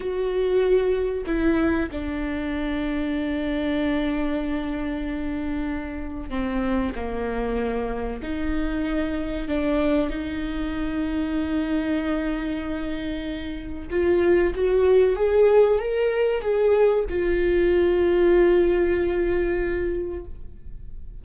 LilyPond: \new Staff \with { instrumentName = "viola" } { \time 4/4 \tempo 4 = 95 fis'2 e'4 d'4~ | d'1~ | d'2 c'4 ais4~ | ais4 dis'2 d'4 |
dis'1~ | dis'2 f'4 fis'4 | gis'4 ais'4 gis'4 f'4~ | f'1 | }